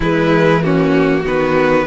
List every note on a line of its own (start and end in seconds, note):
0.00 1.24 E3
0.00 0.62 G#3
0.00 0.62 E4
0.00 0.63 B4
0.62 1.25 A#3
0.62 1.21 C#4
0.62 1.25 F#4
1.21 1.86 D#3
1.21 1.86 B3
1.21 1.84 F#4
1.21 1.86 B4